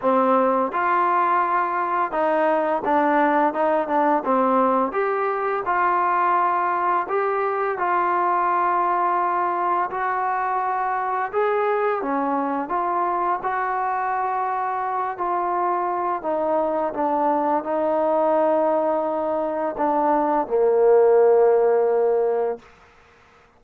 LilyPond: \new Staff \with { instrumentName = "trombone" } { \time 4/4 \tempo 4 = 85 c'4 f'2 dis'4 | d'4 dis'8 d'8 c'4 g'4 | f'2 g'4 f'4~ | f'2 fis'2 |
gis'4 cis'4 f'4 fis'4~ | fis'4. f'4. dis'4 | d'4 dis'2. | d'4 ais2. | }